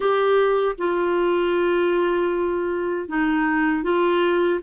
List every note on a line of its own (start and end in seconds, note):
0.00 0.75 G4
0.78 3.08 F4
3.08 3.83 D#4
3.83 4.60 F4